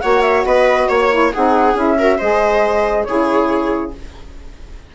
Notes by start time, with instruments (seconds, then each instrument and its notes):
0.00 bassoon A#3, saxophone F#4, viola C#5, flute F#5
0.22 flute E5
0.44 bassoon B3, viola B4, flute D#5
0.88 bassoon A#3, flute C#5, viola C#5
1.10 saxophone E4
1.33 bassoon C4, saxophone D#4, viola G#4, flute F#5
1.74 bassoon C#4, saxophone E4, flute E5
1.98 saxophone F#4, viola A#4
2.17 bassoon G#3, saxophone G#4, viola C5, flute D#5
3.04 bassoon C#3, saxophone E4, viola G#4, flute C#5